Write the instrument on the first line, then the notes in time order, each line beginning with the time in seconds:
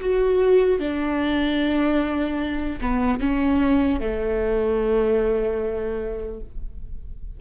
viola
0.00 F#4
0.79 D4
2.81 B3
3.20 C#4
4.00 A3